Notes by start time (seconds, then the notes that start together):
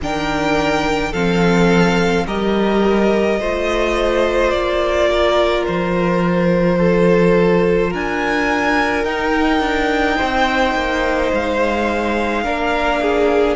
0.02 D#3 D4 A#4 G5
1.11 F3 C4 A4 F5
2.26 G3 G4 A#4 D#5
3.39 A3 F4 C5
4.50 A#3 D5
5.10 A#4
5.66 F3 C5
6.78 A4
7.90 D4 A#4 G#5
9.04 D#4 G5
9.60 D4
10.16 C4 C5
10.74 A#3
11.33 G#3 F5
12.43 A#3 D4 A#4
13.01 G#4